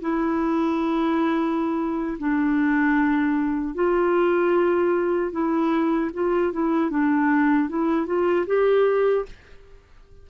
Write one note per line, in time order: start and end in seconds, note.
0.00 2.17 E4
2.18 3.74 D4
3.74 5.31 F4
5.31 6.10 E4
6.13 6.52 F4
6.52 6.90 E4
6.90 7.68 D4
7.68 8.06 E4
8.06 8.45 F4
8.46 9.25 G4